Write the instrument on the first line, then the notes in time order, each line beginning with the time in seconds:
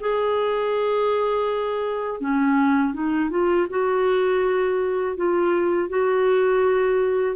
clarinet
0.00 G#4
2.20 C#4
2.93 D#4
3.30 F4
3.70 F#4
5.16 F4
5.89 F#4